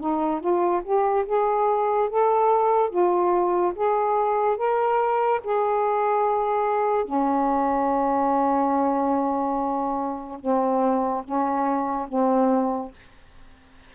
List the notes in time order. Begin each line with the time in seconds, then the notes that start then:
0.00 D#4
0.40 F4
0.84 G4
1.26 G#4
2.09 A4
2.90 F4
3.75 G#4
4.57 A#4
5.44 G#4
7.05 C#4
10.40 C4
11.24 C#4
12.08 C4